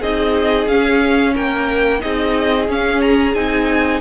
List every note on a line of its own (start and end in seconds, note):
0.00 0.67 C4
0.00 0.68 D#4
0.00 1.33 G#4
0.00 0.67 D#5
0.67 1.34 C#4
0.67 2.00 C#4
0.67 1.34 F5
1.33 2.03 A#3
1.33 2.00 A#4
1.33 2.01 G5
2.00 2.68 C4
2.00 2.66 D#4
2.00 4.00 G#4
2.00 2.68 D#5
2.68 3.34 C#4
2.68 3.35 C#4
2.68 3.01 F5
3.01 3.34 A#5
3.34 4.00 C4
3.34 4.00 D#4
3.34 4.00 G#5